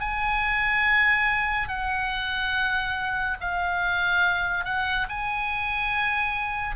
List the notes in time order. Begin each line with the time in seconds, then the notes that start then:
0.00 G#5
1.68 F#5
3.41 F5
4.65 F#5
5.09 G#5